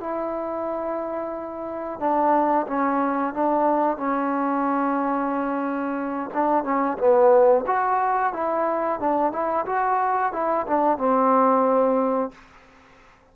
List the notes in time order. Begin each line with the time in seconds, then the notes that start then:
0.00 E4
2.00 D4
2.67 C#4
3.34 D4
3.97 C#4
6.34 D4
6.64 C#4
6.98 B3
7.66 F#4
8.33 E4
9.00 D4
9.32 E4
9.66 F#4
10.33 E4
10.67 D4
10.98 C4